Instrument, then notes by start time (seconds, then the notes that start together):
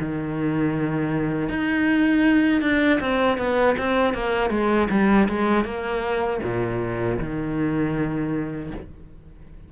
cello
0.00 D#3
1.49 D#4
2.62 D4
3.00 C4
3.38 B3
3.78 C4
4.14 A#3
4.50 G#3
4.91 G3
5.29 G#3
5.65 A#3
6.43 A#2
7.19 D#3